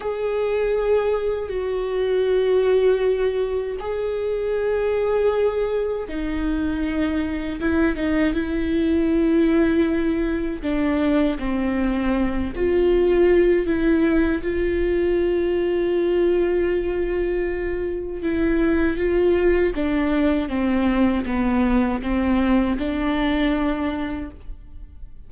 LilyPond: \new Staff \with { instrumentName = "viola" } { \time 4/4 \tempo 4 = 79 gis'2 fis'2~ | fis'4 gis'2. | dis'2 e'8 dis'8 e'4~ | e'2 d'4 c'4~ |
c'8 f'4. e'4 f'4~ | f'1 | e'4 f'4 d'4 c'4 | b4 c'4 d'2 | }